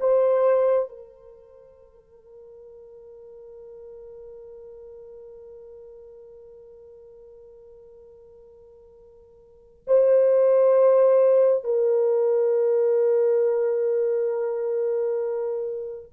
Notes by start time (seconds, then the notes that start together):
0.00 C5
0.88 A#4
9.87 C5
11.64 A#4